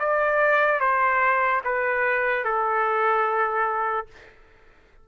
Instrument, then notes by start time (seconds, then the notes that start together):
trumpet
0.00 D5
0.81 C5
1.65 B4
2.45 A4